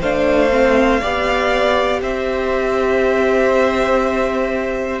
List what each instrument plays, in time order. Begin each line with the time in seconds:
0.00 cello A3, viola D4, violin C5 F5
0.50 viola C4
1.00 cello B3, viola G4, violin D5
2.01 cello C4, violin C5 E5